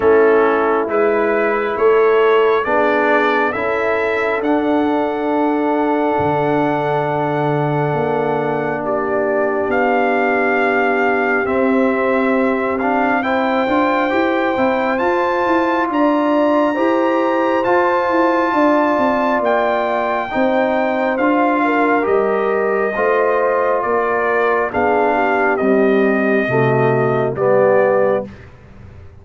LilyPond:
<<
  \new Staff \with { instrumentName = "trumpet" } { \time 4/4 \tempo 4 = 68 a'4 b'4 cis''4 d''4 | e''4 fis''2.~ | fis''2 d''4 f''4~ | f''4 e''4. f''8 g''4~ |
g''4 a''4 ais''2 | a''2 g''2 | f''4 dis''2 d''4 | f''4 dis''2 d''4 | }
  \new Staff \with { instrumentName = "horn" } { \time 4/4 e'2 a'4 gis'4 | a'1~ | a'2 g'2~ | g'2. c''4~ |
c''2 d''4 c''4~ | c''4 d''2 c''4~ | c''8 ais'4. c''4 ais'4 | gis'8 g'4. fis'4 g'4 | }
  \new Staff \with { instrumentName = "trombone" } { \time 4/4 cis'4 e'2 d'4 | e'4 d'2.~ | d'1~ | d'4 c'4. d'8 e'8 f'8 |
g'8 e'8 f'2 g'4 | f'2. dis'4 | f'4 g'4 f'2 | d'4 g4 a4 b4 | }
  \new Staff \with { instrumentName = "tuba" } { \time 4/4 a4 gis4 a4 b4 | cis'4 d'2 d4~ | d4 ais2 b4~ | b4 c'2~ c'8 d'8 |
e'8 c'8 f'8 e'8 d'4 e'4 | f'8 e'8 d'8 c'8 ais4 c'4 | d'4 g4 a4 ais4 | b4 c'4 c4 g4 | }
>>